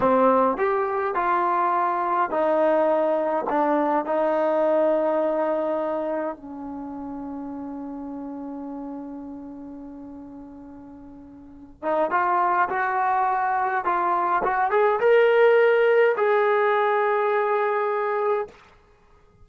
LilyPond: \new Staff \with { instrumentName = "trombone" } { \time 4/4 \tempo 4 = 104 c'4 g'4 f'2 | dis'2 d'4 dis'4~ | dis'2. cis'4~ | cis'1~ |
cis'1~ | cis'8 dis'8 f'4 fis'2 | f'4 fis'8 gis'8 ais'2 | gis'1 | }